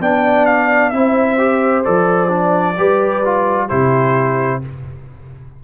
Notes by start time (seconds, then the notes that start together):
0.00 B3 D4 D5 G5
0.46 F5
0.90 C4 E4 C5 E5
1.38 G4
1.84 F3 A4 D5
2.28 D4
2.77 G3 G4 B4
3.25 F4
3.68 C3 E4 G4 C5